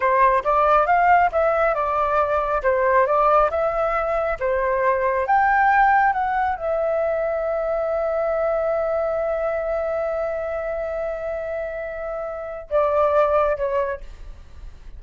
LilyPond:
\new Staff \with { instrumentName = "flute" } { \time 4/4 \tempo 4 = 137 c''4 d''4 f''4 e''4 | d''2 c''4 d''4 | e''2 c''2 | g''2 fis''4 e''4~ |
e''1~ | e''1~ | e''1~ | e''4 d''2 cis''4 | }